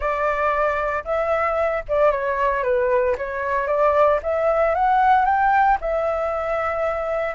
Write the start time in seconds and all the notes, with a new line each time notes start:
0.00 D5
1.04 E5
1.88 D5
2.11 C#5
2.63 B4
3.17 C#5
3.67 D5
4.22 E5
4.74 F#5
5.25 G5
5.80 E5